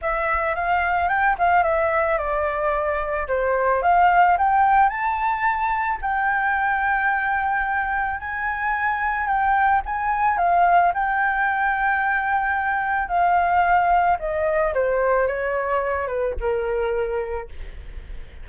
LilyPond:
\new Staff \with { instrumentName = "flute" } { \time 4/4 \tempo 4 = 110 e''4 f''4 g''8 f''8 e''4 | d''2 c''4 f''4 | g''4 a''2 g''4~ | g''2. gis''4~ |
gis''4 g''4 gis''4 f''4 | g''1 | f''2 dis''4 c''4 | cis''4. b'8 ais'2 | }